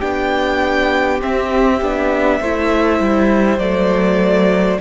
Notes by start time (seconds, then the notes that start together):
0.00 B3 D4 G4 G5
1.20 C4 E5
1.82 B3 D4
2.40 A3 E4 C5
3.00 G3
3.58 F#3 A3 D5